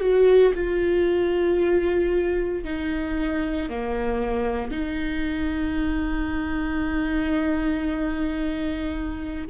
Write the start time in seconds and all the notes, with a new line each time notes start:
0.00 F#4
0.54 F4
2.64 D#4
3.69 A#3
4.71 D#4